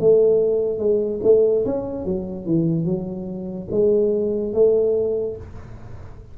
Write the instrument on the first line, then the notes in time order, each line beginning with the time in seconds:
tuba
0.00 A3
0.79 G#3
1.23 A3
1.66 C#4
2.05 F#3
2.46 E3
2.85 F#3
3.71 G#3
4.53 A3